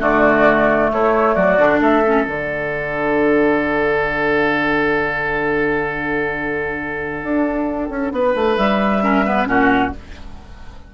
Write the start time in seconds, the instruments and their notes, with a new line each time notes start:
0.00 bassoon D3, clarinet A3, oboe F#4, flute D5
0.92 bassoon A3, oboe E4, flute C#5
1.35 bassoon F#3, oboe F#4, flute D5
1.58 bassoon D3, clarinet D4
1.80 bassoon A3, oboe A4, flute E5
2.07 clarinet C#4
2.24 bassoon D3, clarinet D4, flute F#5
7.24 bassoon D4
7.90 bassoon C#4
8.12 bassoon B3, oboe B4
8.35 bassoon A3
8.57 bassoon G3, flute E5
9.02 clarinet C#4, oboe A#4
9.25 clarinet B3, oboe B4
9.46 bassoon A#2, clarinet C#4, oboe F#4, flute F#5